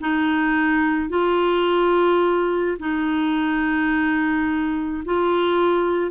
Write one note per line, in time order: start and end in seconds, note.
0.00 1.09 D#4
1.09 2.77 F4
2.79 5.03 D#4
5.05 6.11 F4